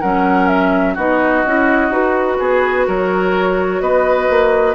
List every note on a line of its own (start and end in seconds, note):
0.00 0.96 F#3
0.00 0.97 C#4
0.00 0.94 A#4
0.00 0.47 F#5
0.47 0.95 E5
0.94 1.44 B3
0.94 1.45 D#4
0.94 2.37 F#4
0.94 1.92 D#5
1.45 1.89 C#4
1.45 1.90 E4
1.89 2.37 D#4
1.89 4.75 F#4
1.89 2.87 B4
2.38 2.87 B3
2.38 2.86 G#4
2.87 3.80 F#3
2.87 3.81 A#4
2.87 3.81 C#5
3.80 4.28 B3
3.80 4.75 B4
3.80 4.75 D#5
4.29 4.75 A#3